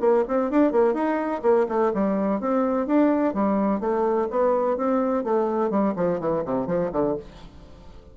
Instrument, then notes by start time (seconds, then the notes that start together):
bassoon
0.00 A#3
0.27 C4
0.50 D4
0.71 A#3
0.94 D#4
1.42 A#3
1.68 A3
1.94 G3
2.40 C4
2.86 D4
3.33 G3
3.80 A3
4.30 B3
4.77 C4
5.23 A3
5.70 G3
5.96 F3
6.19 E3
6.45 C3
6.66 F3
6.92 D3